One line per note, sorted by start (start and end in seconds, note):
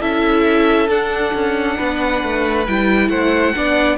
0.00 0.88 C#4
0.00 0.88 E4
0.00 1.77 A4
0.00 0.90 E5
0.88 1.32 D4
0.88 2.65 D4
0.88 2.66 F#5
1.33 1.77 C#4
1.77 2.23 B3
1.77 3.09 B4
2.23 2.67 A3
2.67 3.09 G3
2.67 3.54 E4
2.67 3.09 G5
3.09 3.53 A3
3.09 3.54 C5
3.09 3.97 F#5
3.54 3.97 B3
3.54 3.97 D4
3.54 3.97 D5